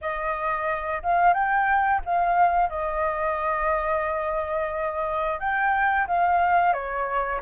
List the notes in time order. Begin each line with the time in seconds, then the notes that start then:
0.01 D#5
1.02 F5
1.33 G5
2.05 F5
2.69 D#5
5.39 G5
6.07 F5
6.73 C#5